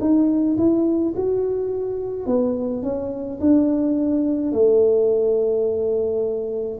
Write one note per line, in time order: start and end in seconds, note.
0.00 0.57 D#4
0.57 1.14 E4
1.16 2.26 F#4
2.26 2.83 B3
2.83 3.39 C#4
3.40 4.52 D4
4.52 6.78 A3